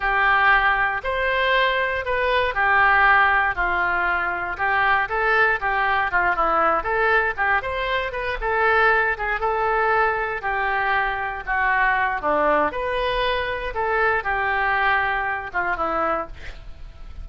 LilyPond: \new Staff \with { instrumentName = "oboe" } { \time 4/4 \tempo 4 = 118 g'2 c''2 | b'4 g'2 f'4~ | f'4 g'4 a'4 g'4 | f'8 e'4 a'4 g'8 c''4 |
b'8 a'4. gis'8 a'4.~ | a'8 g'2 fis'4. | d'4 b'2 a'4 | g'2~ g'8 f'8 e'4 | }